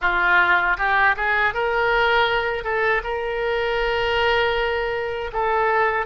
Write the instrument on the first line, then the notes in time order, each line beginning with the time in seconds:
oboe
0.01 F4
0.77 G4
1.16 G#4
1.54 A#4
2.63 A4
3.03 A#4
5.33 A4